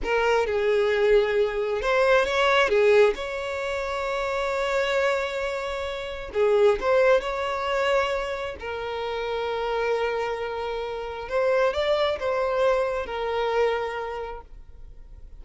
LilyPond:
\new Staff \with { instrumentName = "violin" } { \time 4/4 \tempo 4 = 133 ais'4 gis'2. | c''4 cis''4 gis'4 cis''4~ | cis''1~ | cis''2 gis'4 c''4 |
cis''2. ais'4~ | ais'1~ | ais'4 c''4 d''4 c''4~ | c''4 ais'2. | }